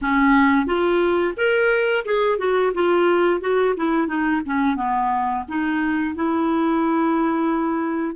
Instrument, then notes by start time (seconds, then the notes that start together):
clarinet
0.01 C#4
0.66 F4
1.36 A#4
2.05 G#4
2.38 F#4
2.73 F4
3.40 F#4
3.77 E4
4.07 D#4
4.45 C#4
4.76 B3
5.48 D#4
6.15 E4